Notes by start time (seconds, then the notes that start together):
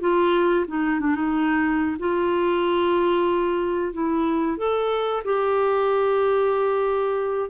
0.00 F4
0.67 D#4
1.00 D4
1.15 D#4
1.99 F4
3.93 E4
4.57 A4
5.24 G4